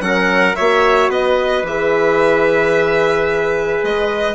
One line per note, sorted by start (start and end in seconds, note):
0.00 0.55 F#3
0.00 0.55 C#4
0.00 0.56 A#4
0.00 0.55 F#5
0.55 1.09 A#3
0.55 1.67 F#4
0.55 1.10 C#5
0.55 1.10 E5
1.09 1.63 B3
1.09 4.35 B4
1.09 1.66 D#5
1.63 3.81 E3
1.63 4.35 G#4
1.63 3.84 E5
3.83 4.35 G#3
3.83 4.35 D#5